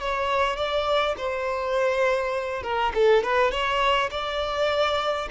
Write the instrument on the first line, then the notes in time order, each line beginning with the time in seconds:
violin
0.00 C#5
0.56 D5
1.17 C5
2.63 A#4
2.95 A4
3.23 B4
3.51 C#5
4.11 D5